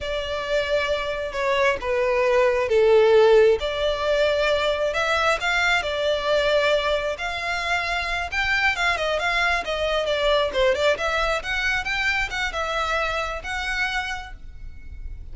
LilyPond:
\new Staff \with { instrumentName = "violin" } { \time 4/4 \tempo 4 = 134 d''2. cis''4 | b'2 a'2 | d''2. e''4 | f''4 d''2. |
f''2~ f''8 g''4 f''8 | dis''8 f''4 dis''4 d''4 c''8 | d''8 e''4 fis''4 g''4 fis''8 | e''2 fis''2 | }